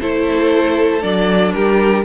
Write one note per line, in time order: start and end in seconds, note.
0.00 1.03 A3
0.00 1.01 E4
0.00 1.55 A4
0.00 1.02 C5
1.01 1.54 F#3
1.01 2.04 D4
1.01 1.52 D5
1.52 2.05 G3
1.52 2.05 G4
1.52 2.04 A#4